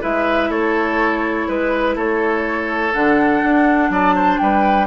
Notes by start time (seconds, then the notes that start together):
0.00 G#3 E4 B4 E5
0.49 A3 A4 C#5
1.48 G#3 B4
1.95 A3 A4 C#5
2.93 D3 D4 F#5
3.43 D4
3.89 F#3 D5 A5
4.15 C5
4.38 G3 B4 G5